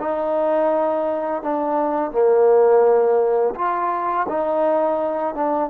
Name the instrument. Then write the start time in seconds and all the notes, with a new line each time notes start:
trombone
0.00 D#4
1.43 D4
2.12 A#3
3.56 F4
4.29 D#4
5.35 D4